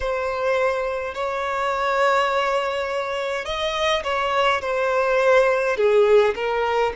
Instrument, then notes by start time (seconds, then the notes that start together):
violin
0.00 C5
1.14 C#5
3.45 D#5
4.03 C#5
4.61 C5
5.76 G#4
6.35 A#4